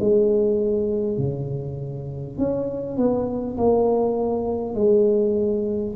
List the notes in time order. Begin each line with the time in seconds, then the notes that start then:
0.00 G#3
1.18 C#3
2.38 C#4
2.98 B3
3.58 A#3
4.75 G#3